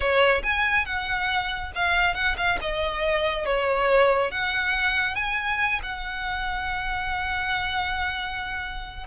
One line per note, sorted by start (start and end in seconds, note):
0.00 0.42 C#5
0.43 0.85 G#5
0.85 1.72 F#5
1.75 2.14 F5
2.14 2.36 F#5
2.37 2.58 F5
2.61 3.45 D#5
3.45 4.31 C#5
4.31 5.15 F#5
5.15 5.80 G#5
5.83 9.06 F#5